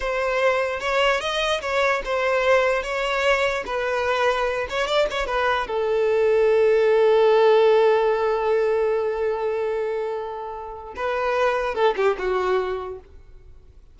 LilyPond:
\new Staff \with { instrumentName = "violin" } { \time 4/4 \tempo 4 = 148 c''2 cis''4 dis''4 | cis''4 c''2 cis''4~ | cis''4 b'2~ b'8 cis''8 | d''8 cis''8 b'4 a'2~ |
a'1~ | a'1~ | a'2. b'4~ | b'4 a'8 g'8 fis'2 | }